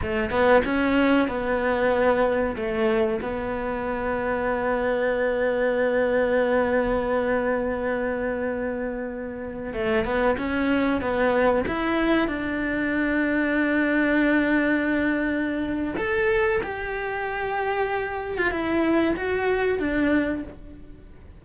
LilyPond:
\new Staff \with { instrumentName = "cello" } { \time 4/4 \tempo 4 = 94 a8 b8 cis'4 b2 | a4 b2.~ | b1~ | b2.~ b16 a8 b16~ |
b16 cis'4 b4 e'4 d'8.~ | d'1~ | d'4 a'4 g'2~ | g'8. f'16 e'4 fis'4 d'4 | }